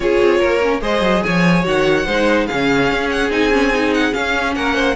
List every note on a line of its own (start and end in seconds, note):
0.00 0.19 C#4
0.00 0.61 F4
0.00 0.39 G#4
0.00 0.82 C#5
0.20 0.41 C4
0.39 0.81 A#3
0.39 0.80 A#4
0.61 0.81 C#4
0.81 1.01 G#3
0.81 1.63 G#4
0.81 1.23 C5
0.81 1.23 D#5
1.01 1.21 F#3
1.23 1.65 F3
1.23 2.06 C#5
1.23 1.64 G#5
1.63 2.06 D#3
1.63 2.04 F#4
1.63 2.47 F#5
2.06 2.48 G#3
2.06 2.49 D#4
2.06 2.46 C5
2.46 2.91 C#3
2.46 3.30 C#4
2.46 4.53 G#4
2.46 3.09 F5
2.91 3.30 C#4
3.10 3.31 F#5
3.30 4.12 C4
3.30 3.50 D#4
3.30 3.93 G#5
3.50 3.71 C#4
3.73 4.11 D#4
3.93 4.13 F#5
4.11 4.94 C#4
4.11 4.56 C#4
4.11 4.54 F5
4.55 4.96 A#3
4.55 4.75 A#4
4.55 4.96 F#5
4.75 4.95 C5